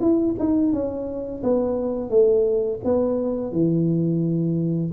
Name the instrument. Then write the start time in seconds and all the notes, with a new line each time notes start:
tuba
0.00 E4
0.39 D#4
0.72 C#4
1.43 B3
2.10 A3
2.84 B3
3.52 E3